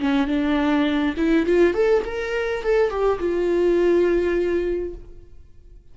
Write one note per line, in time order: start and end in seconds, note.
0.00 0.27 C#4
0.27 1.14 D4
1.17 1.46 E4
1.46 1.74 F4
1.74 2.03 A4
2.05 2.63 A#4
2.63 2.90 A4
2.90 3.19 G4
3.19 4.94 F4